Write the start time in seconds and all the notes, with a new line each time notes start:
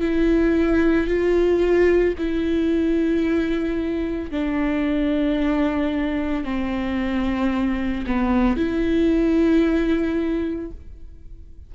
0.00 E4
1.07 F4
2.18 E4
4.31 D4
6.44 C4
8.06 B3
8.57 E4